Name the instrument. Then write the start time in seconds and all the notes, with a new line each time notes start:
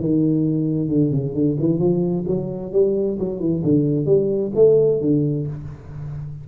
tuba
0.00 D#3
0.89 D3
1.11 C#3
1.34 D3
1.60 E3
1.79 F3
2.27 F#3
2.73 G3
3.19 F#3
3.40 E3
3.64 D3
4.06 G3
4.56 A3
5.02 D3